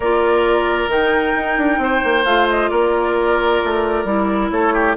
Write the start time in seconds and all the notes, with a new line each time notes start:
0.00 A#3 F4 A#4 D5
0.87 D#3 D#4 G5
1.35 D#4
1.57 D4
1.78 C4 C5
2.03 A#3
2.24 A3 F4 F5
2.49 D#5
2.68 A#3 A#4 D5
3.63 A3
4.04 G3 E4
4.50 A3 A4 C#5
4.73 G4